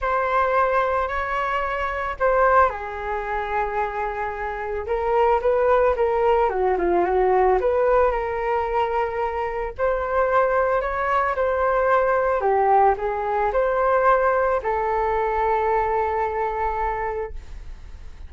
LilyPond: \new Staff \with { instrumentName = "flute" } { \time 4/4 \tempo 4 = 111 c''2 cis''2 | c''4 gis'2.~ | gis'4 ais'4 b'4 ais'4 | fis'8 f'8 fis'4 b'4 ais'4~ |
ais'2 c''2 | cis''4 c''2 g'4 | gis'4 c''2 a'4~ | a'1 | }